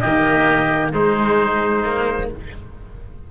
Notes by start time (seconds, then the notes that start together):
0.00 D#3 A#3 G4 D#5
0.93 G#3 D#4 C5
1.83 A#3